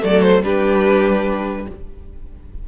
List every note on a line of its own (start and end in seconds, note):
0.00 0.42 F#3
0.00 0.41 A3
0.00 0.45 A4
0.00 0.22 D5
0.22 0.43 C5
0.42 1.66 G3
0.42 1.68 D4
0.42 1.69 G4
0.42 1.68 B4